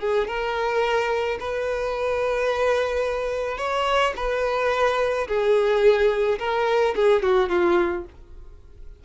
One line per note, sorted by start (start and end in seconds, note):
0.00 0.28 G#4
0.28 1.39 A#4
1.40 3.58 B4
3.58 4.14 C#5
4.17 5.28 B4
5.28 6.39 G#4
6.39 6.95 A#4
6.96 7.23 G#4
7.23 7.49 F#4
7.49 8.05 F4